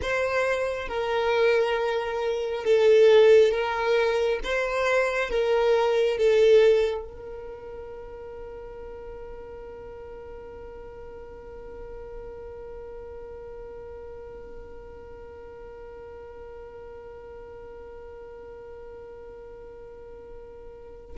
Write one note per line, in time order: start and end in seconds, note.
0.02 0.87 C5
0.87 2.64 A#4
2.64 3.51 A4
3.51 4.39 A#4
4.44 5.29 C5
5.29 6.17 A#4
6.17 7.04 A4
7.04 21.16 A#4